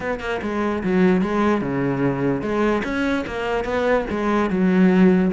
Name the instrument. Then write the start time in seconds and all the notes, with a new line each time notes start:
cello
0.00 B3
0.20 A#3
0.42 G#3
0.83 F#3
1.21 G#3
1.61 C#3
2.41 G#3
2.84 C#4
3.26 A#3
3.64 B3
4.10 G#3
4.50 F#3